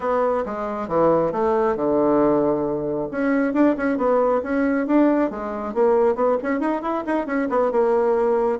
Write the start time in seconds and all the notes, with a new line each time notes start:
0.00 B3
0.45 G#3
0.88 E3
1.32 A3
1.75 D3
3.11 C#4
3.53 D4
3.77 C#4
3.97 B3
4.43 C#4
4.86 D4
5.30 G#3
5.74 A#3
6.15 B3
6.42 C#4
6.60 D#4
6.82 E4
7.06 D#4
7.26 C#4
7.49 B3
7.71 A#3